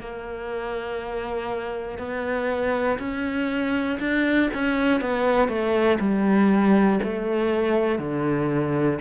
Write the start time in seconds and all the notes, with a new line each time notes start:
0.00 A#3
1.99 B3
2.99 C#4
4.00 D4
4.54 C#4
5.00 B3
5.48 A3
6.00 G3
7.03 A3
7.99 D3